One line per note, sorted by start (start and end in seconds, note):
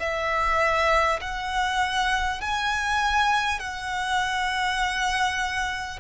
0.00 1.20 E5
1.22 2.41 F#5
2.41 3.59 G#5
3.59 5.99 F#5